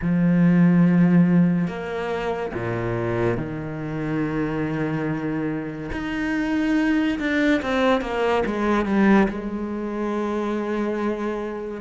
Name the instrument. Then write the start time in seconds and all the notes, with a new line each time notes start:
cello
0.01 F3
1.67 A#3
2.54 A#2
3.37 D#3
5.92 D#4
7.19 D4
7.62 C4
8.01 A#3
8.45 G#3
8.85 G3
9.28 G#3